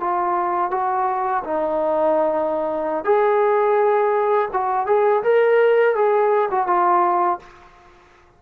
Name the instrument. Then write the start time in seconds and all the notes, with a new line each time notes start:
trombone
0.00 F4
0.71 F#4
1.44 D#4
3.04 G#4
4.52 F#4
4.86 G#4
5.23 A#4
5.95 G#4
6.50 F#4
6.67 F4